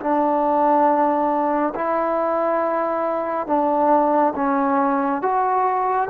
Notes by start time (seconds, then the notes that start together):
0.00 D4
1.75 E4
3.47 D4
4.35 C#4
5.22 F#4